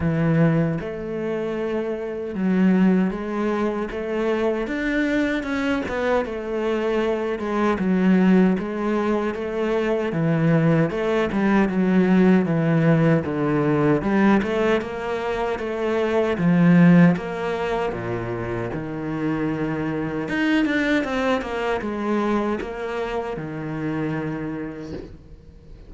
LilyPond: \new Staff \with { instrumentName = "cello" } { \time 4/4 \tempo 4 = 77 e4 a2 fis4 | gis4 a4 d'4 cis'8 b8 | a4. gis8 fis4 gis4 | a4 e4 a8 g8 fis4 |
e4 d4 g8 a8 ais4 | a4 f4 ais4 ais,4 | dis2 dis'8 d'8 c'8 ais8 | gis4 ais4 dis2 | }